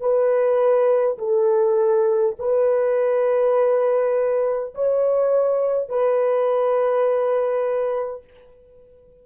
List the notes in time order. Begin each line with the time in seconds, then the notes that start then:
0.00 B4
1.18 A4
2.39 B4
4.74 C#5
5.89 B4